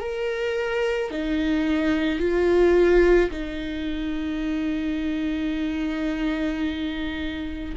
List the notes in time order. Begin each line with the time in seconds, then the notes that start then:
0.00 A#4
1.11 D#4
2.19 F4
3.31 D#4